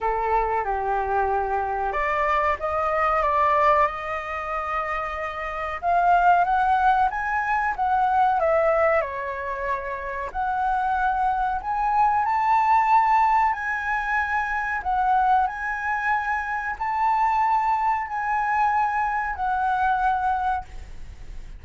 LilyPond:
\new Staff \with { instrumentName = "flute" } { \time 4/4 \tempo 4 = 93 a'4 g'2 d''4 | dis''4 d''4 dis''2~ | dis''4 f''4 fis''4 gis''4 | fis''4 e''4 cis''2 |
fis''2 gis''4 a''4~ | a''4 gis''2 fis''4 | gis''2 a''2 | gis''2 fis''2 | }